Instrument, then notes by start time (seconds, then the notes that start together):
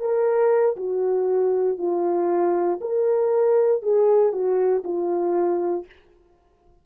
horn
0.00 A#4
0.76 F#4
1.78 F4
2.81 A#4
3.82 G#4
4.33 F#4
4.84 F4